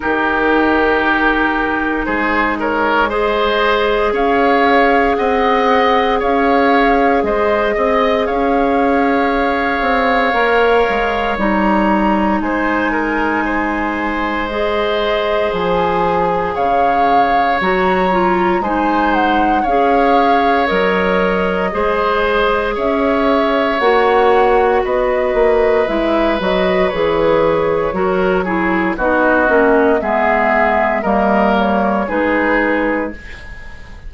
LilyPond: <<
  \new Staff \with { instrumentName = "flute" } { \time 4/4 \tempo 4 = 58 ais'2 c''8 cis''8 dis''4 | f''4 fis''4 f''4 dis''4 | f''2. ais''4 | gis''2 dis''4 gis''4 |
f''4 ais''4 gis''8 fis''8 f''4 | dis''2 e''4 fis''4 | dis''4 e''8 dis''8 cis''2 | dis''4 e''4 dis''8 cis''8 b'4 | }
  \new Staff \with { instrumentName = "oboe" } { \time 4/4 g'2 gis'8 ais'8 c''4 | cis''4 dis''4 cis''4 c''8 dis''8 | cis''1 | c''8 ais'8 c''2. |
cis''2 c''4 cis''4~ | cis''4 c''4 cis''2 | b'2. ais'8 gis'8 | fis'4 gis'4 ais'4 gis'4 | }
  \new Staff \with { instrumentName = "clarinet" } { \time 4/4 dis'2. gis'4~ | gis'1~ | gis'2 ais'4 dis'4~ | dis'2 gis'2~ |
gis'4 fis'8 f'8 dis'4 gis'4 | ais'4 gis'2 fis'4~ | fis'4 e'8 fis'8 gis'4 fis'8 e'8 | dis'8 cis'8 b4 ais4 dis'4 | }
  \new Staff \with { instrumentName = "bassoon" } { \time 4/4 dis2 gis2 | cis'4 c'4 cis'4 gis8 c'8 | cis'4. c'8 ais8 gis8 g4 | gis2. f4 |
cis4 fis4 gis4 cis'4 | fis4 gis4 cis'4 ais4 | b8 ais8 gis8 fis8 e4 fis4 | b8 ais8 gis4 g4 gis4 | }
>>